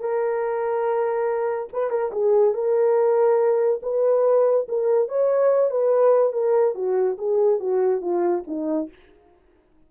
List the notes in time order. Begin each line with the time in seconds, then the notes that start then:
0.00 A#4
1.73 B4
1.90 A#4
2.12 G#4
2.54 A#4
3.83 B4
4.69 A#4
5.09 C#5
5.70 B4
6.33 A#4
6.75 F#4
7.18 G#4
7.60 F#4
8.01 F4
8.47 D#4